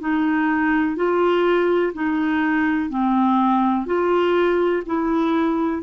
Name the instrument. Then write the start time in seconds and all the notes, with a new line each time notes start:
clarinet
0.00 D#4
0.96 F4
1.94 D#4
2.90 C4
3.86 F4
4.86 E4